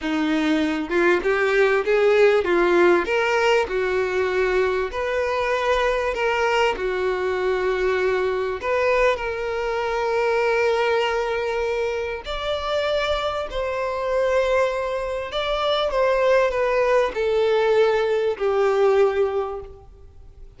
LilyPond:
\new Staff \with { instrumentName = "violin" } { \time 4/4 \tempo 4 = 98 dis'4. f'8 g'4 gis'4 | f'4 ais'4 fis'2 | b'2 ais'4 fis'4~ | fis'2 b'4 ais'4~ |
ais'1 | d''2 c''2~ | c''4 d''4 c''4 b'4 | a'2 g'2 | }